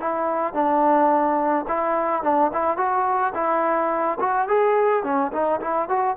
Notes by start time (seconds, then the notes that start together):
0.00 E4
0.53 D4
1.68 E4
2.23 D4
2.53 E4
2.77 F#4
3.34 E4
4.20 F#4
4.48 G#4
5.04 C#4
5.32 D#4
5.61 E4
5.89 F#4